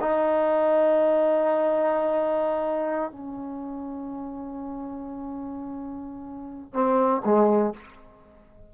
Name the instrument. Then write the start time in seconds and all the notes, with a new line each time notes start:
trombone
0.00 D#4
3.11 C#4
6.73 C4
7.24 G#3